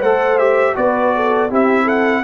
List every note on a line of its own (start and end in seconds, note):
0.00 0.75 A3
0.00 0.38 A4
0.00 0.74 C5
0.00 0.38 F#5
0.38 0.75 G4
0.38 0.75 E5
0.75 1.50 B3
0.75 1.49 F#4
0.75 1.15 B4
0.75 1.50 D5
1.15 1.50 A4
1.50 2.23 C4
1.50 2.23 E4
1.50 1.84 G4
1.50 1.88 E5
1.84 2.21 A4
1.84 2.23 F#5